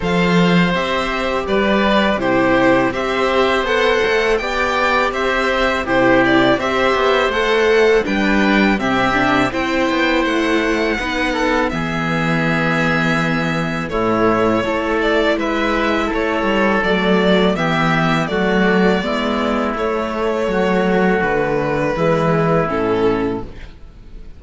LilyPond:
<<
  \new Staff \with { instrumentName = "violin" } { \time 4/4 \tempo 4 = 82 f''4 e''4 d''4 c''4 | e''4 fis''4 g''4 e''4 | c''8 d''8 e''4 fis''4 g''4 | e''4 g''4 fis''2 |
e''2. cis''4~ | cis''8 d''8 e''4 cis''4 d''4 | e''4 d''2 cis''4~ | cis''4 b'2 a'4 | }
  \new Staff \with { instrumentName = "oboe" } { \time 4/4 c''2 b'4 g'4 | c''2 d''4 c''4 | g'4 c''2 b'4 | g'4 c''2 b'8 a'8 |
gis'2. e'4 | a'4 b'4 a'2 | g'4 fis'4 e'2 | fis'2 e'2 | }
  \new Staff \with { instrumentName = "viola" } { \time 4/4 a'4 g'2 e'4 | g'4 a'4 g'2 | e'4 g'4 a'4 d'4 | c'8 d'8 e'2 dis'4 |
b2. a4 | e'2. a4 | b4 a4 b4 a4~ | a2 gis4 cis'4 | }
  \new Staff \with { instrumentName = "cello" } { \time 4/4 f4 c'4 g4 c4 | c'4 b8 a8 b4 c'4 | c4 c'8 b8 a4 g4 | c4 c'8 b8 a4 b4 |
e2. a,4 | a4 gis4 a8 g8 fis4 | e4 fis4 gis4 a4 | fis4 d4 e4 a,4 | }
>>